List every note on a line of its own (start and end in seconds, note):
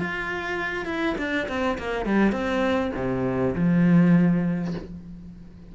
0.00 0.86 F4
0.86 1.16 E4
1.18 1.48 D4
1.49 1.78 C4
1.78 2.06 A#3
2.06 2.32 G3
2.32 2.92 C4
2.96 3.55 C3
3.55 4.74 F3